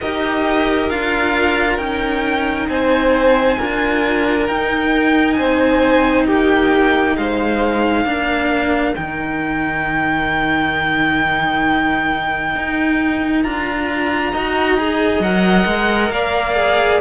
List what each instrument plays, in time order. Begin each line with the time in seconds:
0.00 cello D#4 G4, violin A#4 D#5
0.89 cello D4 F4, violin F5
1.77 cello C#4 D#4, violin G5
2.68 cello C4, violin C5 G#5
3.58 cello D4 F4, violin A#4
4.47 cello D#4, violin G5
5.33 cello C4, violin C5 G#5
6.26 cello A#3, violin G4 G5
7.16 cello G#3, violin C5 F5
8.04 cello A#3 D4, violin A#4
8.94 cello D#3 D#4, violin G5
12.55 cello D#4
13.42 cello D4 F4, violin A#5
14.32 cello D#4 F#4, violin D#5
14.77 cello G#4
15.19 cello F#3 A#4, violin F#5
15.65 cello G#3
16.10 cello A#3, violin D5 F5
16.55 cello G#4